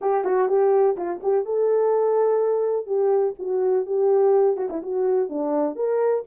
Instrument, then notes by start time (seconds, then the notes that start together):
horn
0.01 G4
0.24 F#4
0.48 G4
0.96 F4
1.22 G4
1.45 A4
2.86 G4
3.38 F#4
3.85 G4
4.56 F#4
4.70 E4
4.82 F#4
5.29 D4
5.75 A#4